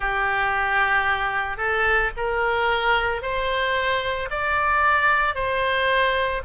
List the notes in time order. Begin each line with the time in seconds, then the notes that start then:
0.00 G4
1.57 A4
2.17 A#4
3.21 C5
4.30 D5
5.34 C5